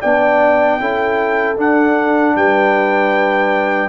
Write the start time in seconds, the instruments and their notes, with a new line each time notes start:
0.00 tuba B3, trombone D4, horn D5, trumpet G5
0.80 tuba C#4, trombone E4, horn A4
1.57 trombone D4, tuba D4, trumpet F#5
2.36 tuba G3, horn B4, trumpet G5